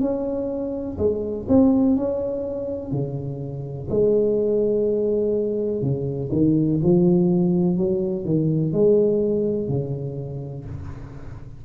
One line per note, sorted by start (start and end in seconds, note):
0.00 0.97 C#4
0.98 1.46 G#3
1.48 1.96 C4
1.96 2.92 C#4
2.92 3.88 C#3
3.90 5.82 G#3
5.82 6.30 C#3
6.32 6.80 D#3
6.83 7.77 F3
7.77 8.25 F#3
8.25 8.73 D#3
8.73 9.68 G#3
9.68 10.65 C#3